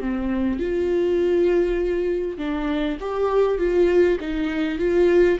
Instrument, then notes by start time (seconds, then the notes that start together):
viola
0.00 C4
0.59 F4
2.38 D4
3.00 G4
3.58 F4
4.20 D#4
4.79 F4